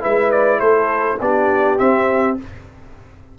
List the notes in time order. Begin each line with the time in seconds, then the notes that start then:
0.00 G#3 E4 B4 E5
0.31 D5
0.60 A3 A4 C5
1.20 B3 D4 G4 D5
1.78 C4 E5